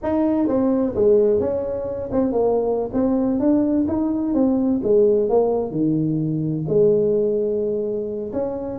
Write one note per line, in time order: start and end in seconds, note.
0.03 0.47 D#4
0.47 0.94 C4
0.95 1.39 G#3
1.39 2.10 C#4
2.12 2.32 C4
2.32 2.90 A#3
2.93 3.39 C4
3.39 3.86 D4
3.88 4.34 D#4
4.34 4.80 C4
4.83 5.29 G#3
5.29 5.71 A#3
5.71 6.65 D#3
6.68 8.32 G#3
8.32 8.79 C#4